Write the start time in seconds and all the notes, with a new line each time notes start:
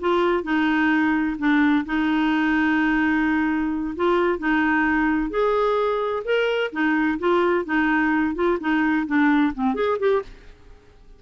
0.00 F4
0.43 D#4
1.38 D4
1.85 D#4
3.96 F4
4.38 D#4
5.30 G#4
6.24 A#4
6.72 D#4
7.19 F4
7.65 D#4
8.35 F4
8.60 D#4
9.06 D4
9.54 C4
9.74 G#4
9.99 G4